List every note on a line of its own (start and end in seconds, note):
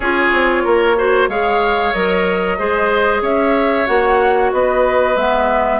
0.00 0.31 C#4
0.00 0.97 F4
0.00 0.63 G#4
0.00 1.29 C#5
0.32 0.64 C4
0.63 1.28 A#3
0.63 0.96 A#4
0.97 1.29 F#4
0.97 1.29 C5
1.28 1.92 G#3
1.28 1.94 G#4
1.28 2.58 C#5
1.28 1.93 F5
1.93 2.59 F#3
1.93 2.58 A#4
1.93 3.22 D#5
2.58 3.21 G#3
2.58 3.86 G#4
2.58 3.22 C5
3.21 3.86 C#4
3.21 4.51 C#5
3.21 3.86 E5
3.86 4.52 A#3
3.86 5.15 F#4
3.86 4.51 F#5
4.52 5.15 B3
4.52 5.79 B4
4.52 5.16 D#5
5.15 5.79 G#3
5.15 5.79 B3
5.15 5.79 E5